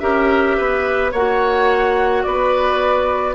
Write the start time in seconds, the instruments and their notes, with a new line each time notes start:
0.00 bassoon C#4, clarinet G4, oboe A#4, flute E5
0.58 bassoon B3, oboe B4
1.12 bassoon A#3, clarinet F#4, oboe C#5, flute F#5
2.23 bassoon B3, oboe B4, flute D5